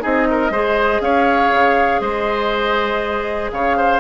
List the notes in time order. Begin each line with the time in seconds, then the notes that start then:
0.00 C4 D#4 G#4 D#5
0.31 A#4
0.50 G#3 G#4 C5
1.01 C#4 C#5 F5
1.52 C#3
2.01 G#3 C5 D#5
3.52 C#3 C#5 F5
3.77 C5